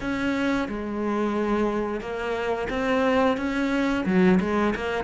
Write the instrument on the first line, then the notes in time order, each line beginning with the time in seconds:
cello
0.00 C#4
0.68 G#3
2.00 A#3
2.69 C4
3.37 C#4
4.05 F#3
4.40 G#3
4.75 A#3